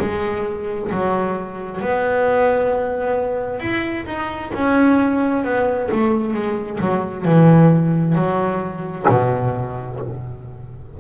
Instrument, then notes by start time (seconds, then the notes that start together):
double bass
0.00 G#3
0.92 F#3
1.81 B3
3.60 E4
4.06 D#4
4.54 C#4
5.44 B3
5.92 A3
6.34 G#3
6.81 F#3
7.26 E3
8.15 F#3
9.09 B2